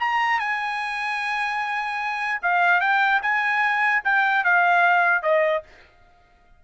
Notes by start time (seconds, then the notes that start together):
0.00 A#5
0.40 G#5
2.43 F5
2.81 G5
3.22 G#5
4.04 G5
4.44 F5
5.23 D#5